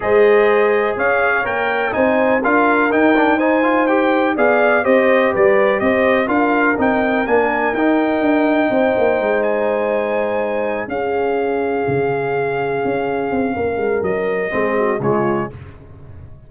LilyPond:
<<
  \new Staff \with { instrumentName = "trumpet" } { \time 4/4 \tempo 4 = 124 dis''2 f''4 g''4 | gis''4 f''4 g''4 gis''4 | g''4 f''4 dis''4 d''4 | dis''4 f''4 g''4 gis''4 |
g''2.~ g''8 gis''8~ | gis''2~ gis''8 f''4.~ | f''1~ | f''4 dis''2 cis''4 | }
  \new Staff \with { instrumentName = "horn" } { \time 4/4 c''2 cis''2 | c''4 ais'2 c''4~ | c''4 d''4 c''4 b'4 | c''4 ais'2.~ |
ais'2 c''2~ | c''2~ c''8 gis'4.~ | gis'1 | ais'2 gis'8 fis'8 f'4 | }
  \new Staff \with { instrumentName = "trombone" } { \time 4/4 gis'2. ais'4 | dis'4 f'4 dis'8 d'8 dis'8 f'8 | g'4 gis'4 g'2~ | g'4 f'4 dis'4 d'4 |
dis'1~ | dis'2~ dis'8 cis'4.~ | cis'1~ | cis'2 c'4 gis4 | }
  \new Staff \with { instrumentName = "tuba" } { \time 4/4 gis2 cis'4 ais4 | c'4 d'4 dis'2~ | dis'4 b4 c'4 g4 | c'4 d'4 c'4 ais4 |
dis'4 d'4 c'8 ais8 gis4~ | gis2~ gis8 cis'4.~ | cis'8 cis2 cis'4 c'8 | ais8 gis8 fis4 gis4 cis4 | }
>>